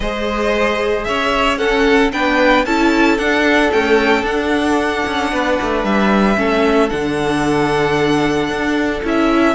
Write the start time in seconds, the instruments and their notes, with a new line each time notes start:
0.00 cello G#3, viola G#4, violin C5 D#5
1.04 cello C#4, violin C#5 E5
1.57 viola C#4, violin A4 F#5
2.12 cello B3, viola D4, violin B4 G5
2.65 cello C#4, viola E4, violin A4 A5
3.17 cello D4, viola D4, violin F#5
3.72 viola A3, cello C#4, violin G5
4.22 viola D4, cello D4, violin F#5
5.06 cello C#4
5.31 cello B3, violin B4
5.61 cello A3
5.84 cello G3, violin E5
6.36 cello A3, viola C#4, violin A4
6.89 cello D3, viola D4, violin F#5
8.49 cello D4
9.03 cello C#4, viola E4, violin E5